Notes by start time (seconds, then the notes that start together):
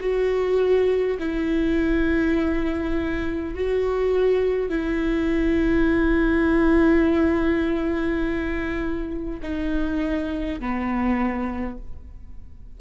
0.00 F#4
1.19 E4
3.54 F#4
4.69 E4
9.42 D#4
10.60 B3